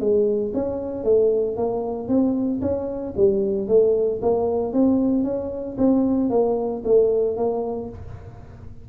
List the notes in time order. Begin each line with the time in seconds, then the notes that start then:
0.00 G#3
0.54 C#4
1.04 A3
1.57 A#3
2.08 C4
2.62 C#4
3.17 G3
3.68 A3
4.22 A#3
4.73 C4
5.24 C#4
5.78 C4
6.30 A#3
6.85 A3
7.37 A#3